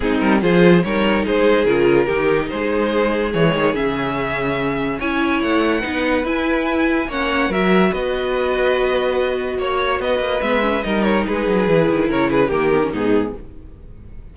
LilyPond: <<
  \new Staff \with { instrumentName = "violin" } { \time 4/4 \tempo 4 = 144 gis'8 ais'8 c''4 cis''4 c''4 | ais'2 c''2 | cis''4 e''2. | gis''4 fis''2 gis''4~ |
gis''4 fis''4 e''4 dis''4~ | dis''2. cis''4 | dis''4 e''4 dis''8 cis''8 b'4~ | b'4 cis''8 b'8 ais'4 gis'4 | }
  \new Staff \with { instrumentName = "violin" } { \time 4/4 dis'4 gis'4 ais'4 gis'4~ | gis'4 g'4 gis'2~ | gis'1 | cis''2 b'2~ |
b'4 cis''4 ais'4 b'4~ | b'2. cis''4 | b'2 ais'4 gis'4~ | gis'4 ais'8 gis'8 g'4 dis'4 | }
  \new Staff \with { instrumentName = "viola" } { \time 4/4 c'4 f'4 dis'2 | f'4 dis'2. | gis4 cis'2. | e'2 dis'4 e'4~ |
e'4 cis'4 fis'2~ | fis'1~ | fis'4 b8 cis'8 dis'2 | e'2 ais8 b16 cis'16 b4 | }
  \new Staff \with { instrumentName = "cello" } { \time 4/4 gis8 g8 f4 g4 gis4 | cis4 dis4 gis2 | e8 dis8 cis2. | cis'4 a4 b4 e'4~ |
e'4 ais4 fis4 b4~ | b2. ais4 | b8 ais8 gis4 g4 gis8 fis8 | e8 dis8 cis4 dis4 gis,4 | }
>>